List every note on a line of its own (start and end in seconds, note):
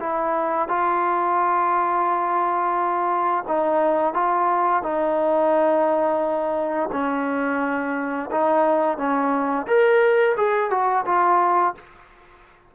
0.00 0.68 E4
0.68 3.44 F4
3.48 4.14 D#4
4.14 4.83 F4
4.83 6.90 D#4
6.92 8.30 C#4
8.31 8.97 D#4
8.97 9.66 C#4
9.67 10.36 A#4
10.37 10.70 G#4
10.70 11.05 F#4
11.06 11.75 F4